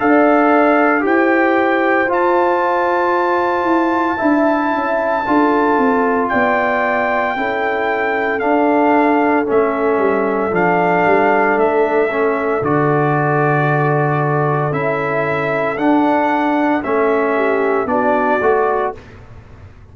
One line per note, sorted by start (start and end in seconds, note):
0.00 1.05 D4
0.00 1.01 A4
0.00 1.05 D5
0.00 1.05 F5
1.01 2.07 E4
1.01 2.06 G4
1.01 4.17 C5
1.01 2.11 G5
2.07 3.64 F4
2.07 4.18 F4
2.07 6.29 A5
3.64 4.17 E4
4.17 4.73 D4
4.17 5.23 E4
4.17 5.22 E5
4.73 5.26 C#4
5.27 5.78 D4
5.27 7.37 F4
5.27 6.31 A4
5.78 6.31 C4
6.29 7.37 B3
6.29 7.36 D5
6.29 8.40 G5
7.37 8.42 C#4
7.37 8.41 E4
7.37 17.36 A4
8.40 9.46 D4
8.40 9.47 D4
8.40 9.45 F5
9.46 9.98 A3
9.46 10.51 C#4
9.46 10.55 E5
9.98 10.51 G3
10.52 11.05 F3
10.52 12.09 D4
10.52 11.59 F5
11.06 11.57 G3
11.57 12.62 A3
11.57 12.64 E5
12.11 12.63 C#4
12.62 14.72 D3
12.62 14.72 F#4
12.62 14.73 D5
14.72 15.77 C#4
14.72 15.78 E4
14.72 15.78 E5
15.77 16.83 D4
15.77 16.83 F#5
16.84 17.86 A3
16.84 17.87 C#4
16.84 17.88 E5
17.36 17.88 G4
17.86 18.39 B3
17.86 18.40 D4
17.86 18.96 F#4
17.86 18.93 D5
18.41 18.94 A3
18.41 18.95 F#4